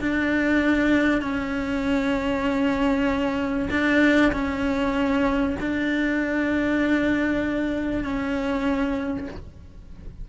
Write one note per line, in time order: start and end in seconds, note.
0.00 1.21 D4
1.21 3.69 C#4
3.70 4.32 D4
4.32 5.56 C#4
5.60 8.04 D4
8.04 9.28 C#4